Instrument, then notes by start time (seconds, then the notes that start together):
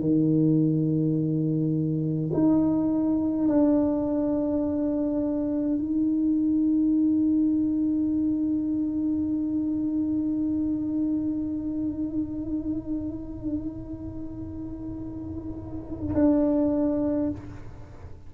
tuba
0.00 D#3
2.33 D#4
3.48 D4
5.78 D#4
16.15 D4